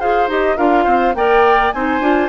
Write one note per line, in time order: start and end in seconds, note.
0.00 0.28 F4
0.00 0.29 G#4
0.00 0.57 C5
0.00 0.29 F5
0.28 0.57 D#4
0.28 0.57 G4
0.28 0.57 D#5
0.57 0.86 D4
0.57 1.15 F4
0.57 0.84 A#4
0.57 1.15 F5
0.84 1.15 C4
0.84 1.13 C5
1.15 1.72 A#3
1.15 1.74 A#4
1.15 1.75 D5
1.15 1.72 G5
1.72 2.00 C4
1.72 2.01 D#4
1.72 2.29 C5
1.72 2.29 G#5
2.00 2.29 D4
2.00 2.29 F4